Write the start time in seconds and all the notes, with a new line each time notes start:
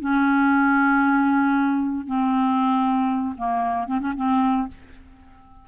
0.00 C#4
2.06 C4
3.37 A#3
3.87 C4
4.00 C#4
4.16 C4